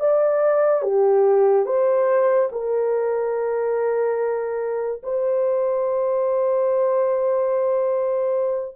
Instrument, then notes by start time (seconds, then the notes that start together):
horn
0.00 D5
0.82 G4
1.66 C5
2.52 A#4
5.03 C5